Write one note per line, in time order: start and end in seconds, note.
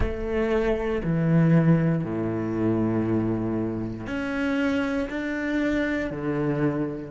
0.00 1.02 A3
1.04 2.03 E3
2.03 4.07 A2
4.07 5.08 C#4
5.09 6.10 D4
6.10 7.11 D3